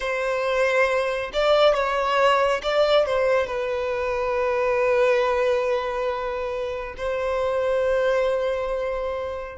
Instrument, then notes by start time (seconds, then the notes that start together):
violin
0.00 C5
1.33 D5
1.74 C#5
2.62 D5
3.06 C5
3.46 B4
6.97 C5